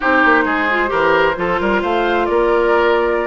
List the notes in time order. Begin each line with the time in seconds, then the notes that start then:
0.00 C4 D#4 G4 C5
0.24 A#3
0.44 G#3 G#4
0.70 F4
0.87 E3 G4 A#4
1.36 F3 F4 A4
1.60 G3 A#4
1.81 A3 C5 F5
2.25 A#3 A#4 D5